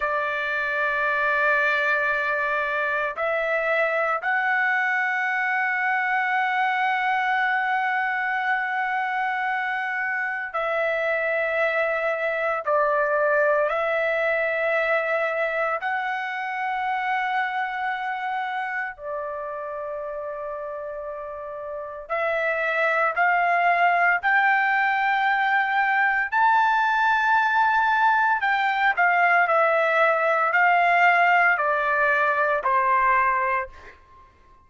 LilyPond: \new Staff \with { instrumentName = "trumpet" } { \time 4/4 \tempo 4 = 57 d''2. e''4 | fis''1~ | fis''2 e''2 | d''4 e''2 fis''4~ |
fis''2 d''2~ | d''4 e''4 f''4 g''4~ | g''4 a''2 g''8 f''8 | e''4 f''4 d''4 c''4 | }